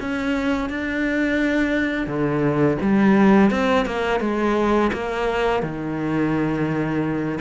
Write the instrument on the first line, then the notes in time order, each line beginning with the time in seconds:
cello
0.00 C#4
0.70 D4
2.07 D3
2.81 G3
3.50 C4
3.86 A#3
4.20 G#3
4.93 A#3
5.62 D#3